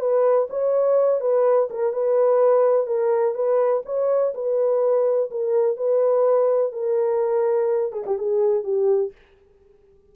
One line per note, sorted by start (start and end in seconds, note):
0.00 0.48 B4
0.50 1.21 C#5
1.21 1.69 B4
1.70 1.93 A#4
1.93 2.87 B4
2.87 3.35 A#4
3.35 3.83 B4
3.85 4.33 C#5
4.34 5.30 B4
5.31 5.77 A#4
5.77 6.72 B4
6.72 7.92 A#4
7.92 8.04 G#4
8.06 8.18 G4
8.18 8.64 G#4
8.64 9.12 G4